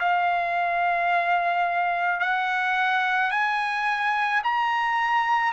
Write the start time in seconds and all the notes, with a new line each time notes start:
0.00 F5
2.20 F#5
3.31 G#5
4.44 A#5